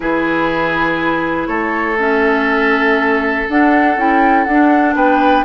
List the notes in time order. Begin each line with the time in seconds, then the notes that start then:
0.00 E3 E4 G#4 B4
1.47 A3 A4 C#5
1.97 C#4 E5
3.48 D4 F#5
3.96 C#4 E4 G5
4.44 D4 F#5
4.51 D4
4.95 B3 B4 G5